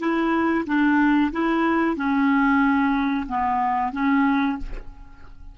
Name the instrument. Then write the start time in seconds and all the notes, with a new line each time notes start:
clarinet
0.00 E4
0.66 D4
1.33 E4
1.97 C#4
3.29 B3
3.93 C#4